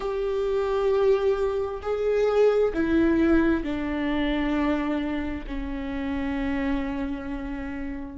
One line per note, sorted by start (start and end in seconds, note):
0.00 1.81 G4
1.82 2.73 G#4
2.73 3.63 E4
3.63 5.45 D4
5.46 8.18 C#4